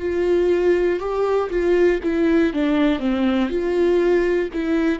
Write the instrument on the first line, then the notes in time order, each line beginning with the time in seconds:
viola
0.00 F4
1.00 G4
1.50 F4
2.03 E4
2.53 D4
3.00 C4
3.50 F4
4.53 E4